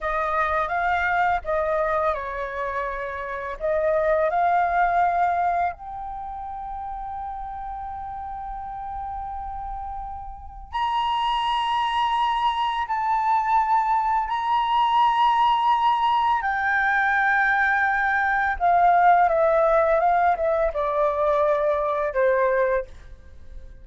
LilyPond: \new Staff \with { instrumentName = "flute" } { \time 4/4 \tempo 4 = 84 dis''4 f''4 dis''4 cis''4~ | cis''4 dis''4 f''2 | g''1~ | g''2. ais''4~ |
ais''2 a''2 | ais''2. g''4~ | g''2 f''4 e''4 | f''8 e''8 d''2 c''4 | }